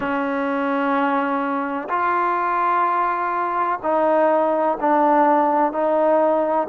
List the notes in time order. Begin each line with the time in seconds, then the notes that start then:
0.00 C#4
1.89 F4
3.83 D#4
4.80 D4
5.72 D#4